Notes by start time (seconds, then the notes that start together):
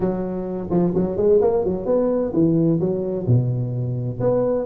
0.00 F#3
0.70 F3
0.94 F#3
1.16 G#3
1.41 A#3
1.64 F#3
1.85 B3
2.33 E3
2.79 F#3
3.26 B2
4.19 B3